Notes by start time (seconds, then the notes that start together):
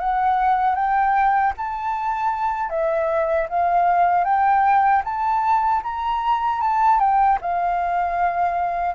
0.00 F#5
0.76 G5
1.58 A5
2.70 E5
3.50 F5
4.25 G5
5.05 A5
5.83 A#5
6.61 A5
7.00 G5
7.42 F5